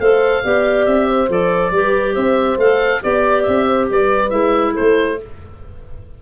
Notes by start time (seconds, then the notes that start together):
0.00 A3 A4 C5 F5
0.44 B3 G4 D5
0.86 C4 E5
1.08 C5
1.29 F3 A4 D5
1.71 G3 G4 B4
2.15 C4 C5 E5
2.58 A3 A4 F5
3.03 B3 G4 D5
3.43 C4 E5
3.67 C5
3.90 G3 B4 D5
4.30 G#3 E4 E5
4.73 A4 C5
4.79 A3